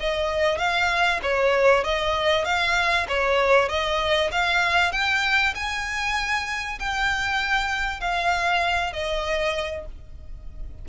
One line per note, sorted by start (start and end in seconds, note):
0.00 0.58 D#5
0.58 1.20 F5
1.22 1.84 C#5
1.84 2.45 D#5
2.45 3.06 F5
3.08 3.69 C#5
3.69 4.30 D#5
4.32 4.92 F5
4.92 5.54 G5
5.55 6.78 G#5
6.79 8.00 G5
8.00 8.93 F5
8.93 9.85 D#5